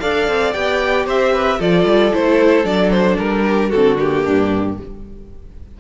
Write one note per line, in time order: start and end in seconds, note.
0.00 0.28 D4
0.00 0.53 A4
0.00 1.07 D5
0.00 0.53 F5
0.28 0.55 C4
0.53 1.06 B3
0.53 1.60 G4
0.53 1.06 G5
1.06 1.59 C4
1.06 1.33 C5
1.06 1.61 E5
1.33 1.59 B4
1.59 1.85 F3
1.59 2.13 F4
1.59 3.45 A4
1.59 2.14 D5
1.85 2.12 G3
2.13 2.65 A3
2.13 2.65 E4
2.13 2.66 C5
2.65 3.18 F#3
2.65 3.71 D4
2.65 2.91 D5
2.91 3.17 C5
3.18 3.73 G3
3.18 3.71 A#4
3.45 3.70 G4
3.70 4.28 D3
3.70 3.98 C4
3.70 4.23 F#4
3.70 3.98 A4
3.98 4.78 A#3
3.98 4.79 G4
4.24 4.81 G2
4.24 4.78 D4